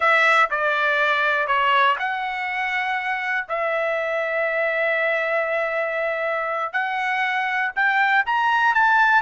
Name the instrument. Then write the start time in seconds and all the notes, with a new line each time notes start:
trumpet
0.00 E5
0.50 D5
1.47 C#5
1.99 F#5
3.48 E5
6.72 F#5
7.75 G5
8.26 A#5
8.74 A5